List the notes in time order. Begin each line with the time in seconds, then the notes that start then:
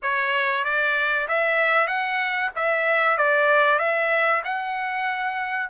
0.02 C#5
0.64 D5
1.28 E5
1.87 F#5
2.55 E5
3.17 D5
3.79 E5
4.44 F#5